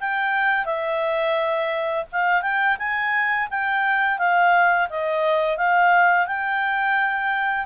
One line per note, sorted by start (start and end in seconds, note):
0.00 0.65 G5
0.65 2.05 E5
2.12 2.42 F5
2.42 2.77 G5
2.78 3.48 G#5
3.50 4.18 G5
4.18 4.88 F5
4.89 5.57 D#5
5.57 6.27 F5
6.27 7.66 G5